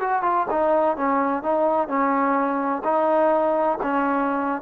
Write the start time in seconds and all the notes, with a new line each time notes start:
0.00 F#4
0.23 F4
0.51 D#4
0.97 C#4
1.43 D#4
1.88 C#4
2.84 D#4
3.82 C#4